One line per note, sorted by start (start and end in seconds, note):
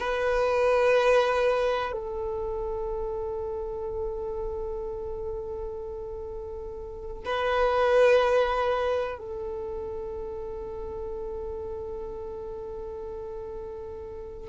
0.00 1.92 B4
1.92 7.24 A4
7.25 9.18 B4
9.18 14.49 A4